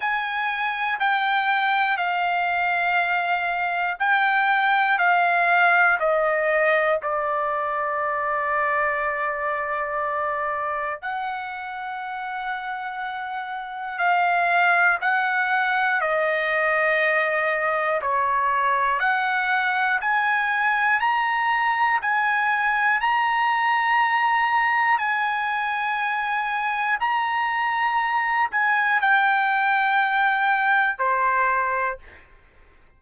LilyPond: \new Staff \with { instrumentName = "trumpet" } { \time 4/4 \tempo 4 = 60 gis''4 g''4 f''2 | g''4 f''4 dis''4 d''4~ | d''2. fis''4~ | fis''2 f''4 fis''4 |
dis''2 cis''4 fis''4 | gis''4 ais''4 gis''4 ais''4~ | ais''4 gis''2 ais''4~ | ais''8 gis''8 g''2 c''4 | }